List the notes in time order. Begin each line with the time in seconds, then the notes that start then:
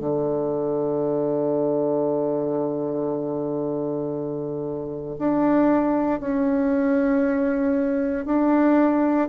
0.00 D3
5.19 D4
6.21 C#4
8.26 D4